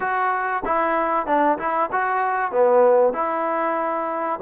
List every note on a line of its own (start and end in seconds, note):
0.00 0.63 F#4
0.65 1.26 E4
1.26 1.58 D4
1.58 1.89 E4
1.92 2.51 F#4
2.51 3.13 B3
3.13 4.39 E4